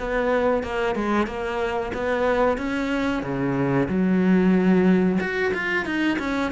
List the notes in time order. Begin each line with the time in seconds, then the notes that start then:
0.00 B3
0.63 A#3
0.95 G#3
1.27 A#3
1.94 B3
2.58 C#4
3.23 C#3
3.89 F#3
5.20 F#4
5.54 F4
5.86 D#4
6.19 C#4